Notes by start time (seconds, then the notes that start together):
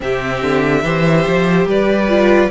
0.00 C3 C4 G4 E5
0.42 D3
0.83 E3 G4 C5
1.26 F3
1.65 G3 B4 D5
2.08 F4